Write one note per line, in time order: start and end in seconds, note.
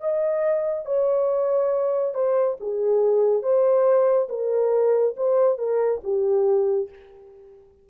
0.00 0.85 D#5
0.85 2.14 C#5
2.14 2.57 C5
2.60 3.42 G#4
3.42 4.28 C5
4.29 5.14 A#4
5.16 5.58 C5
5.58 6.01 A#4
6.03 6.89 G4